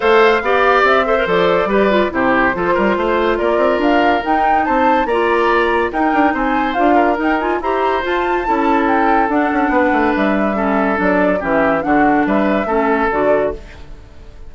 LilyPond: <<
  \new Staff \with { instrumentName = "flute" } { \time 4/4 \tempo 4 = 142 f''2 e''4 d''4~ | d''4 c''2. | d''4 f''4 g''4 a''4 | ais''2 g''4 gis''4 |
f''4 g''8 gis''8 ais''4 a''4~ | a''4 g''4 fis''2 | e''2 d''4 e''4 | fis''4 e''2 d''4 | }
  \new Staff \with { instrumentName = "oboe" } { \time 4/4 c''4 d''4. c''4. | b'4 g'4 a'8 ais'8 c''4 | ais'2. c''4 | d''2 ais'4 c''4~ |
c''8 ais'4. c''2 | a'2. b'4~ | b'4 a'2 g'4 | fis'4 b'4 a'2 | }
  \new Staff \with { instrumentName = "clarinet" } { \time 4/4 a'4 g'4. a'16 ais'16 a'4 | g'8 f'8 e'4 f'2~ | f'2 dis'2 | f'2 dis'2 |
f'4 dis'8 f'8 g'4 f'4 | e'2 d'2~ | d'4 cis'4 d'4 cis'4 | d'2 cis'4 fis'4 | }
  \new Staff \with { instrumentName = "bassoon" } { \time 4/4 a4 b4 c'4 f4 | g4 c4 f8 g8 a4 | ais8 c'8 d'4 dis'4 c'4 | ais2 dis'8 d'8 c'4 |
d'4 dis'4 e'4 f'4 | cis'2 d'8 cis'8 b8 a8 | g2 fis4 e4 | d4 g4 a4 d4 | }
>>